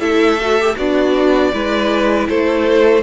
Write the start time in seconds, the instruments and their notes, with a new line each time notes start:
0.00 cello A3, viola E4, violin A4 E5
0.41 viola F#4
0.60 viola G4
0.77 cello B3, violin D4 D5, viola F#4
1.53 cello G#3, viola E4, violin B4
2.29 cello A3, violin A4 C5